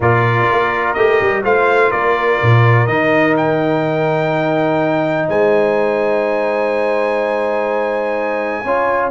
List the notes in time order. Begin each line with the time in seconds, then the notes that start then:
0.00 A#2 F4 A#4 D5
0.51 A#3
0.93 A3 G4 D#5
1.21 G3
1.43 A3 F4 C5 F5
1.91 A#3 A#4 D5
2.42 A#2
2.86 D#3 D#4 D#5
3.36 G5
5.28 G#3 C5 G#5
8.63 C#4 F4 C#5